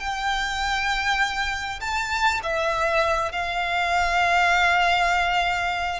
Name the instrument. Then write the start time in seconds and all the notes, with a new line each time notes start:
violin
0.00 G5
1.81 A5
2.43 E5
3.32 F5